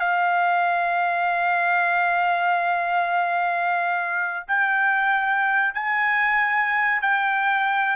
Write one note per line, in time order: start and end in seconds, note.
0.00 4.47 F5
4.48 5.74 G5
5.74 7.02 G#5
7.02 7.97 G5